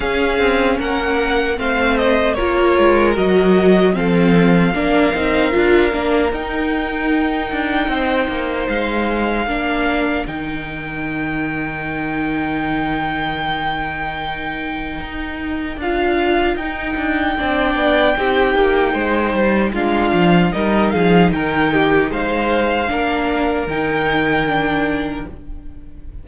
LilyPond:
<<
  \new Staff \with { instrumentName = "violin" } { \time 4/4 \tempo 4 = 76 f''4 fis''4 f''8 dis''8 cis''4 | dis''4 f''2. | g''2. f''4~ | f''4 g''2.~ |
g''1 | f''4 g''2.~ | g''4 f''4 dis''8 f''8 g''4 | f''2 g''2 | }
  \new Staff \with { instrumentName = "violin" } { \time 4/4 gis'4 ais'4 c''4 ais'4~ | ais'4 a'4 ais'2~ | ais'2 c''2 | ais'1~ |
ais'1~ | ais'2 d''4 g'4 | c''4 f'4 ais'8 gis'8 ais'8 g'8 | c''4 ais'2. | }
  \new Staff \with { instrumentName = "viola" } { \time 4/4 cis'2 c'4 f'4 | fis'4 c'4 d'8 dis'8 f'8 d'8 | dis'1 | d'4 dis'2.~ |
dis'1 | f'4 dis'4 d'4 dis'4~ | dis'4 d'4 dis'2~ | dis'4 d'4 dis'4 d'4 | }
  \new Staff \with { instrumentName = "cello" } { \time 4/4 cis'8 c'8 ais4 a4 ais8 gis8 | fis4 f4 ais8 c'8 d'8 ais8 | dis'4. d'8 c'8 ais8 gis4 | ais4 dis2.~ |
dis2. dis'4 | d'4 dis'8 d'8 c'8 b8 c'8 ais8 | gis8 g8 gis8 f8 g8 f8 dis4 | gis4 ais4 dis2 | }
>>